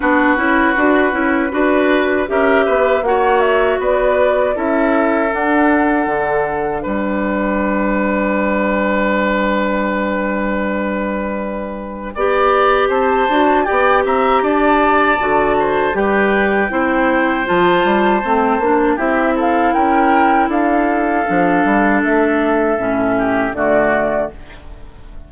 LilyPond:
<<
  \new Staff \with { instrumentName = "flute" } { \time 4/4 \tempo 4 = 79 b'2. e''4 | fis''8 e''8 d''4 e''4 fis''4~ | fis''4 g''2.~ | g''1~ |
g''4 a''4 g''8 ais''8 a''4~ | a''4 g''2 a''4~ | a''4 e''8 f''8 g''4 f''4~ | f''4 e''2 d''4 | }
  \new Staff \with { instrumentName = "oboe" } { \time 4/4 fis'2 b'4 ais'8 b'8 | cis''4 b'4 a'2~ | a'4 b'2.~ | b'1 |
d''4 c''4 d''8 e''8 d''4~ | d''8 c''8 b'4 c''2~ | c''4 g'8 a'8 ais'4 a'4~ | a'2~ a'8 g'8 fis'4 | }
  \new Staff \with { instrumentName = "clarinet" } { \time 4/4 d'8 e'8 fis'8 e'8 fis'4 g'4 | fis'2 e'4 d'4~ | d'1~ | d'1 |
g'4. fis'8 g'2 | fis'4 g'4 e'4 f'4 | c'8 d'8 e'2. | d'2 cis'4 a4 | }
  \new Staff \with { instrumentName = "bassoon" } { \time 4/4 b8 cis'8 d'8 cis'8 d'4 cis'8 b8 | ais4 b4 cis'4 d'4 | d4 g2.~ | g1 |
b4 c'8 d'8 b8 c'8 d'4 | d4 g4 c'4 f8 g8 | a8 ais8 c'4 cis'4 d'4 | f8 g8 a4 a,4 d4 | }
>>